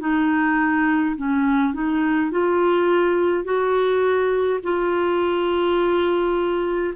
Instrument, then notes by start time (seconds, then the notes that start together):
clarinet
0.00 D#4
1.16 C#4
1.74 D#4
2.31 F4
3.44 F#4
4.63 F4